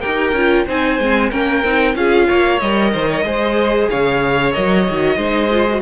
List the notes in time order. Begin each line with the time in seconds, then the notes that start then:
0.00 D#4 G4 A#4 G5
0.32 C#4 F4
0.66 C4 D#4 C5 G#5
0.99 G#3 C4
1.30 A#3 C#4 A#4 G5
1.64 C4 D#4
1.95 C#4 F4 G#4 F5
2.27 A#3 C#5
2.59 G3 A#4 D#5
2.92 D#3 C5
3.08 C#5
3.24 G#3 G#4 C5
3.90 C#3 C#5 F5
4.52 F#3 A#4 D#5
4.89 D#3 F#4
5.17 G#3 D#4 C5
5.51 F4
5.69 F#4